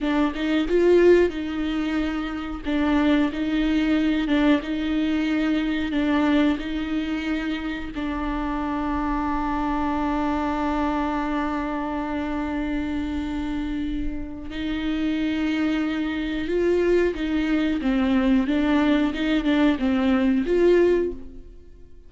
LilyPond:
\new Staff \with { instrumentName = "viola" } { \time 4/4 \tempo 4 = 91 d'8 dis'8 f'4 dis'2 | d'4 dis'4. d'8 dis'4~ | dis'4 d'4 dis'2 | d'1~ |
d'1~ | d'2 dis'2~ | dis'4 f'4 dis'4 c'4 | d'4 dis'8 d'8 c'4 f'4 | }